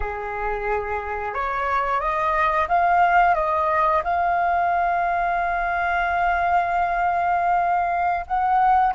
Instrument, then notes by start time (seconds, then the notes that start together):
flute
0.00 G#4
1.34 C#5
2.00 D#5
2.68 F5
3.35 D#5
4.04 F5
8.26 F#5